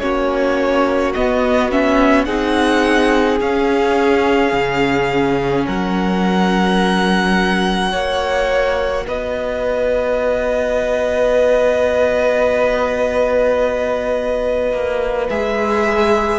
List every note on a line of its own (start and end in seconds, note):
0.00 1.15 A#3
0.00 1.14 C#4
0.00 2.26 F#4
0.00 1.13 C#5
1.14 1.71 B3
1.14 2.27 B3
1.14 1.71 D#5
1.71 2.27 C#4
1.71 2.25 E5
2.25 3.41 C4
2.25 3.40 D#4
2.25 5.65 G#4
2.25 3.38 F#5
3.41 4.53 C#4
3.41 7.92 C#4
3.41 5.67 F5
4.53 5.66 C#3
5.67 7.93 F#3
5.67 7.91 A#4
5.67 9.06 F#5
7.91 9.06 A#3
7.91 15.28 F#4
7.91 9.04 C#5
9.07 14.72 B3
9.07 16.39 B4
9.07 15.29 D#5
14.72 15.29 A#3
15.29 16.39 G#3
15.29 16.39 G#4
15.29 16.39 E5